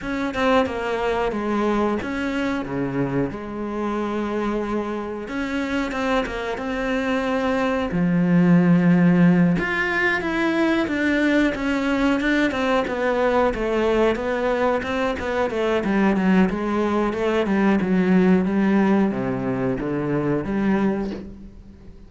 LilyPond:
\new Staff \with { instrumentName = "cello" } { \time 4/4 \tempo 4 = 91 cis'8 c'8 ais4 gis4 cis'4 | cis4 gis2. | cis'4 c'8 ais8 c'2 | f2~ f8 f'4 e'8~ |
e'8 d'4 cis'4 d'8 c'8 b8~ | b8 a4 b4 c'8 b8 a8 | g8 fis8 gis4 a8 g8 fis4 | g4 c4 d4 g4 | }